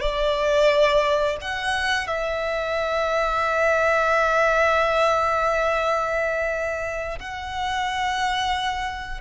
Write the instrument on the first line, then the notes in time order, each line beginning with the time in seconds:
violin
0.00 D5
1.41 F#5
2.07 E5
7.19 F#5